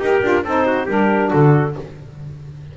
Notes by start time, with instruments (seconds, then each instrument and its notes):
0.00 double bass D#4, trumpet G4, saxophone G4, clarinet A#4
0.23 double bass D4, saxophone F4
0.44 double bass C4, saxophone D#4, trumpet A4, clarinet C5
0.67 trumpet F#4
0.86 double bass G3, saxophone D4, trumpet G4, clarinet A#4
1.29 double bass D3, trumpet F#4, clarinet A4